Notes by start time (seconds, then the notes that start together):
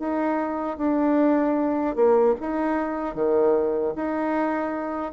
0.00 D#4
0.78 D4
1.96 A#3
2.41 D#4
3.15 D#3
3.96 D#4